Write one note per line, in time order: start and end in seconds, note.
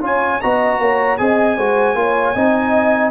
0.00 0.39 C#4
0.00 0.40 F4
0.00 0.40 C#5
0.00 0.41 G#5
0.41 0.78 B3
0.41 1.18 F#4
0.41 0.80 D#5
0.41 1.17 A#5
0.78 1.17 A#3
0.78 1.19 C#5
1.17 1.57 C4
1.17 1.57 G#4
1.17 1.57 D#5
1.17 3.10 G#5
1.57 1.95 G#3
1.57 1.95 F#4
1.57 1.96 C5
1.95 2.34 A#3
1.95 2.34 F4
1.95 2.35 C#5
2.35 3.10 C4
2.35 3.10 D#4
2.35 3.10 D#5